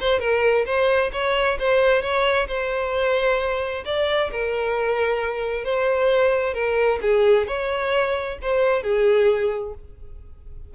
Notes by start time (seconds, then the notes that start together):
0.00 C5
0.19 A#4
0.65 C5
1.12 C#5
1.59 C5
2.02 C#5
2.47 C5
3.85 D5
4.31 A#4
5.64 C5
6.54 A#4
7.01 G#4
7.47 C#5
8.42 C5
8.83 G#4